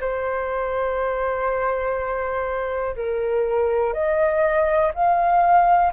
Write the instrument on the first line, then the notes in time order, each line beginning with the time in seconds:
flute
0.00 C5
2.96 A#4
3.93 D#5
4.94 F5